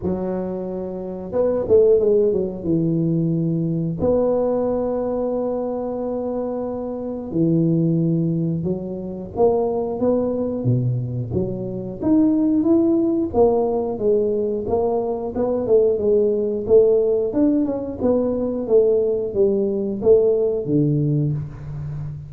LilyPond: \new Staff \with { instrumentName = "tuba" } { \time 4/4 \tempo 4 = 90 fis2 b8 a8 gis8 fis8 | e2 b2~ | b2. e4~ | e4 fis4 ais4 b4 |
b,4 fis4 dis'4 e'4 | ais4 gis4 ais4 b8 a8 | gis4 a4 d'8 cis'8 b4 | a4 g4 a4 d4 | }